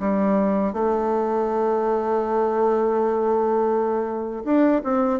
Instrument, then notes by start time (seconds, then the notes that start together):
bassoon
0.00 G3
0.73 A3
4.44 D4
4.84 C4